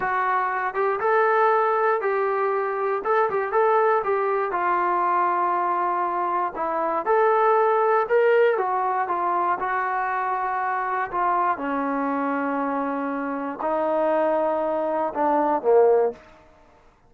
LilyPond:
\new Staff \with { instrumentName = "trombone" } { \time 4/4 \tempo 4 = 119 fis'4. g'8 a'2 | g'2 a'8 g'8 a'4 | g'4 f'2.~ | f'4 e'4 a'2 |
ais'4 fis'4 f'4 fis'4~ | fis'2 f'4 cis'4~ | cis'2. dis'4~ | dis'2 d'4 ais4 | }